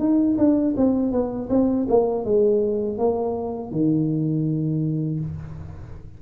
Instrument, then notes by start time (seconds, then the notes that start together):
tuba
0.00 D#4
0.38 D4
0.77 C4
1.12 B3
1.50 C4
1.89 A#3
2.25 G#3
2.99 A#3
3.72 D#3